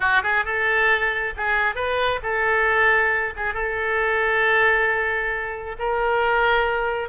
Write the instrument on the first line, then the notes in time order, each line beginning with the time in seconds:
oboe
0.00 F#4
0.22 G#4
0.44 A4
1.36 G#4
1.75 B4
2.22 A4
3.36 G#4
3.53 A4
5.78 A#4